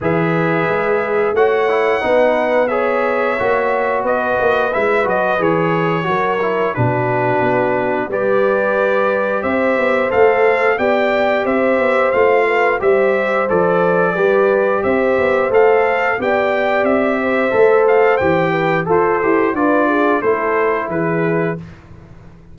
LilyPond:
<<
  \new Staff \with { instrumentName = "trumpet" } { \time 4/4 \tempo 4 = 89 e''2 fis''2 | e''2 dis''4 e''8 dis''8 | cis''2 b'2 | d''2 e''4 f''4 |
g''4 e''4 f''4 e''4 | d''2 e''4 f''4 | g''4 e''4. f''8 g''4 | c''4 d''4 c''4 b'4 | }
  \new Staff \with { instrumentName = "horn" } { \time 4/4 b'2 cis''4 b'4 | cis''2 b'2~ | b'4 ais'4 fis'2 | b'2 c''2 |
d''4 c''4. b'8 c''4~ | c''4 b'4 c''2 | d''4. c''2 b'8 | a'4 b'8 gis'8 a'4 gis'4 | }
  \new Staff \with { instrumentName = "trombone" } { \time 4/4 gis'2 fis'8 e'8 dis'4 | gis'4 fis'2 e'8 fis'8 | gis'4 fis'8 e'8 d'2 | g'2. a'4 |
g'2 f'4 g'4 | a'4 g'2 a'4 | g'2 a'4 g'4 | a'8 g'8 f'4 e'2 | }
  \new Staff \with { instrumentName = "tuba" } { \time 4/4 e4 gis4 a4 b4~ | b4 ais4 b8 ais8 gis8 fis8 | e4 fis4 b,4 b4 | g2 c'8 b8 a4 |
b4 c'8 b8 a4 g4 | f4 g4 c'8 b8 a4 | b4 c'4 a4 e4 | f'8 e'8 d'4 a4 e4 | }
>>